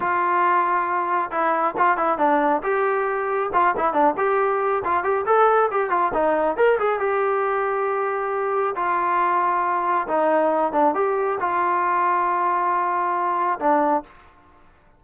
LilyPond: \new Staff \with { instrumentName = "trombone" } { \time 4/4 \tempo 4 = 137 f'2. e'4 | f'8 e'8 d'4 g'2 | f'8 e'8 d'8 g'4. f'8 g'8 | a'4 g'8 f'8 dis'4 ais'8 gis'8 |
g'1 | f'2. dis'4~ | dis'8 d'8 g'4 f'2~ | f'2. d'4 | }